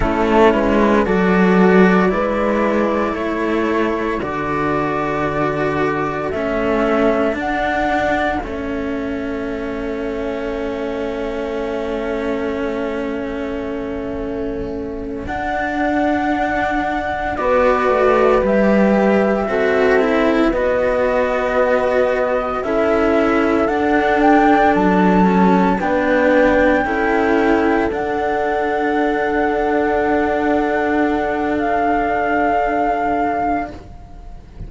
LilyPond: <<
  \new Staff \with { instrumentName = "flute" } { \time 4/4 \tempo 4 = 57 a'8 b'8 d''2 cis''4 | d''2 e''4 fis''4 | e''1~ | e''2~ e''8 fis''4.~ |
fis''8 d''4 e''2 dis''8~ | dis''4. e''4 fis''8 g''8 a''8~ | a''8 g''2 fis''4.~ | fis''2 f''2 | }
  \new Staff \with { instrumentName = "horn" } { \time 4/4 e'4 a'4 b'4 a'4~ | a'1~ | a'1~ | a'1~ |
a'8 b'2 a'4 b'8~ | b'4. a'2~ a'8~ | a'8 b'4 a'2~ a'8~ | a'1 | }
  \new Staff \with { instrumentName = "cello" } { \time 4/4 cis'4 fis'4 e'2 | fis'2 cis'4 d'4 | cis'1~ | cis'2~ cis'8 d'4.~ |
d'8 fis'4 g'4 fis'8 e'8 fis'8~ | fis'4. e'4 d'4. | cis'8 d'4 e'4 d'4.~ | d'1 | }
  \new Staff \with { instrumentName = "cello" } { \time 4/4 a8 gis8 fis4 gis4 a4 | d2 a4 d'4 | a1~ | a2~ a8 d'4.~ |
d'8 b8 a8 g4 c'4 b8~ | b4. cis'4 d'4 fis8~ | fis8 b4 cis'4 d'4.~ | d'1 | }
>>